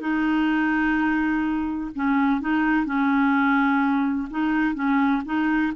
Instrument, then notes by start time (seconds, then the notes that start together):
clarinet
0.00 D#4
1.95 C#4
2.40 D#4
2.85 C#4
4.30 D#4
4.74 C#4
5.25 D#4